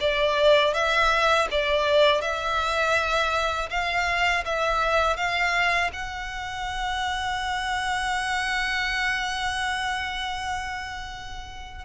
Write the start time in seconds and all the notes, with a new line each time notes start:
0.00 D5
0.73 E5
1.51 D5
2.21 E5
3.70 F5
4.45 E5
5.16 F5
5.93 F#5